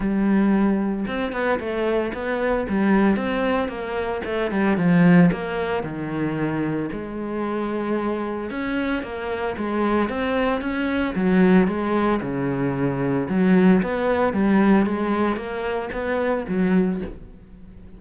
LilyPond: \new Staff \with { instrumentName = "cello" } { \time 4/4 \tempo 4 = 113 g2 c'8 b8 a4 | b4 g4 c'4 ais4 | a8 g8 f4 ais4 dis4~ | dis4 gis2. |
cis'4 ais4 gis4 c'4 | cis'4 fis4 gis4 cis4~ | cis4 fis4 b4 g4 | gis4 ais4 b4 fis4 | }